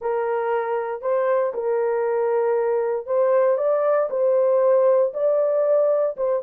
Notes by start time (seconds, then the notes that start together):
0.01 A#4
1.01 C5
1.54 A#4
3.06 C5
3.57 D5
4.10 C5
5.13 D5
6.16 C5